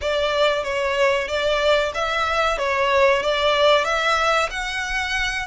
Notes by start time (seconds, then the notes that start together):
0.01 D5
0.63 C#5
1.28 D5
1.94 E5
2.58 C#5
3.22 D5
3.84 E5
4.50 F#5